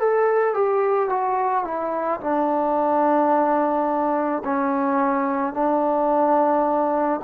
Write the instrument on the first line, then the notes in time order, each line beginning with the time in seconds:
trombone
0.00 A4
0.55 G4
1.10 F#4
1.65 E4
2.21 D4
4.45 C#4
5.54 D4